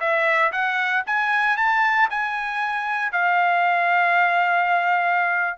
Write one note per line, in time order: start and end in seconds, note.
0.00 0.52 E5
0.52 1.03 F#5
1.06 1.57 G#5
1.57 2.09 A5
2.10 3.12 G#5
3.12 5.58 F5